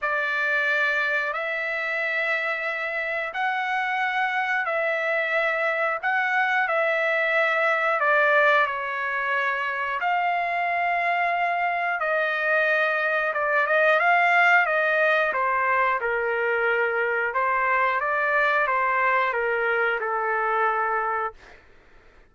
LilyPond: \new Staff \with { instrumentName = "trumpet" } { \time 4/4 \tempo 4 = 90 d''2 e''2~ | e''4 fis''2 e''4~ | e''4 fis''4 e''2 | d''4 cis''2 f''4~ |
f''2 dis''2 | d''8 dis''8 f''4 dis''4 c''4 | ais'2 c''4 d''4 | c''4 ais'4 a'2 | }